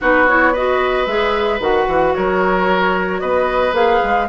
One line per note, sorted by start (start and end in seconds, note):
0.01 1.06 B3
0.01 0.28 D#4
0.01 0.53 F#4
0.01 0.28 B4
0.28 0.55 E4
0.28 0.54 C#5
0.53 1.07 F#4
0.53 2.13 B4
0.53 1.06 D#5
1.06 1.59 G#3
1.06 1.60 G#4
1.06 1.59 E5
1.59 1.86 D#3
1.59 3.73 F#4
1.59 2.14 F#5
1.87 2.14 E3
2.14 3.22 F#3
2.14 3.20 A#4
2.14 3.20 C#5
3.20 3.72 B3
3.20 4.28 B4
3.20 3.73 D#5
3.72 3.99 A#3
3.72 4.27 G#4
3.72 4.28 F5
4.03 4.28 G#3